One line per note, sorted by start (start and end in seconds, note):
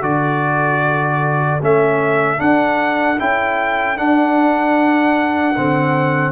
0.00 1.60 D3
0.00 1.60 F#4
0.00 6.32 A4
0.00 1.61 D5
1.61 2.40 A3
1.61 2.37 C#4
1.61 2.41 E5
2.37 3.16 D4
2.37 3.20 D4
2.37 3.20 F#5
3.20 3.99 C#4
3.20 3.97 E4
3.20 3.98 G5
3.97 5.55 D4
3.97 5.56 D4
3.97 6.32 F#5
5.57 6.32 D3
5.57 6.32 C4